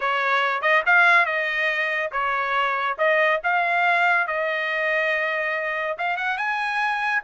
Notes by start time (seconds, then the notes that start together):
0.00 C#5
0.61 D#5
0.85 F5
1.25 D#5
2.12 C#5
2.97 D#5
3.43 F5
4.27 D#5
5.98 F5
6.16 F#5
6.37 G#5